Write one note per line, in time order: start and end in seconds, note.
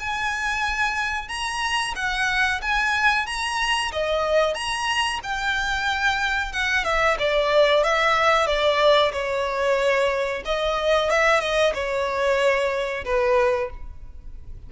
0.00 1.29 G#5
1.29 1.94 A#5
1.96 2.61 F#5
2.62 3.26 G#5
3.26 3.92 A#5
3.92 4.54 D#5
4.54 5.20 A#5
5.23 6.52 G5
6.52 6.85 F#5
6.85 7.17 E5
7.19 7.84 D5
7.84 8.47 E5
8.47 9.12 D5
9.13 10.43 C#5
10.45 11.10 D#5
11.10 11.41 E5
11.41 11.73 D#5
11.74 13.05 C#5
13.05 13.70 B4